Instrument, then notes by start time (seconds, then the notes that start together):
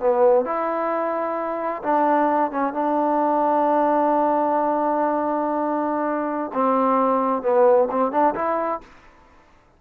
trombone
0.00 B3
0.45 E4
1.83 D4
2.51 C#4
2.73 D4
6.54 C4
7.43 B3
7.91 C4
8.11 D4
8.35 E4